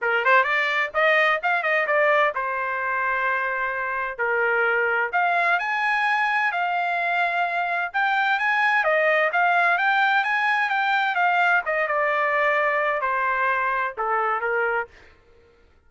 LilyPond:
\new Staff \with { instrumentName = "trumpet" } { \time 4/4 \tempo 4 = 129 ais'8 c''8 d''4 dis''4 f''8 dis''8 | d''4 c''2.~ | c''4 ais'2 f''4 | gis''2 f''2~ |
f''4 g''4 gis''4 dis''4 | f''4 g''4 gis''4 g''4 | f''4 dis''8 d''2~ d''8 | c''2 a'4 ais'4 | }